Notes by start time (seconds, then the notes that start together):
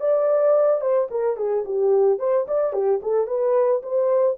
0.00 D5
0.81 C5
1.11 A#4
1.37 G#4
1.65 G4
2.19 C5
2.48 D5
2.73 G4
3.02 A4
3.27 B4
3.83 C5